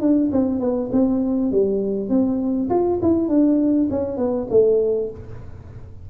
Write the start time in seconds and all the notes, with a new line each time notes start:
0.00 D4
0.32 C4
0.60 B3
0.92 C4
1.51 G3
2.09 C4
2.69 F4
3.02 E4
3.28 D4
3.90 C#4
4.17 B3
4.50 A3